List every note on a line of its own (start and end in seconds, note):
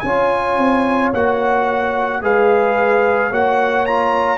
0.00 0.58 C#4
0.00 1.15 F4
0.00 1.09 G#5
0.07 2.23 C#5
0.58 1.12 C4
1.13 2.22 A#3
1.13 2.22 F#4
1.13 2.23 F#5
2.22 3.31 G#3
2.22 3.31 G#4
2.22 3.31 B4
2.22 3.33 F5
3.31 4.38 A#3
3.31 3.87 F#4
3.31 4.38 C#5
3.31 3.86 F#5
3.86 4.38 F4
3.86 4.38 A#5